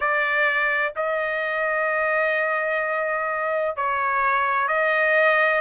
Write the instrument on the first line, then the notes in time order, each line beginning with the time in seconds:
trumpet
0.00 D5
0.96 D#5
3.76 C#5
4.68 D#5